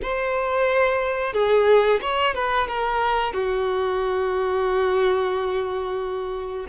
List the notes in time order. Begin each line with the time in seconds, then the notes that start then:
0.02 C5
1.33 G#4
2.01 C#5
2.34 B4
2.67 A#4
3.33 F#4